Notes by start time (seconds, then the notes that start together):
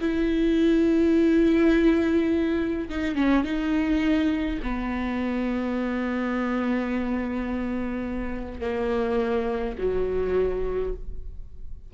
0.00 E4
2.89 D#4
3.15 C#4
3.44 D#4
4.63 B3
8.60 A#3
9.78 F#3